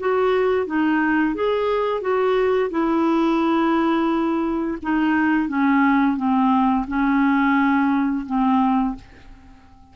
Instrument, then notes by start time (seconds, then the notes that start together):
clarinet
0.00 F#4
0.67 D#4
1.35 G#4
2.02 F#4
2.71 E4
4.83 D#4
5.49 C#4
6.17 C4
6.88 C#4
8.27 C4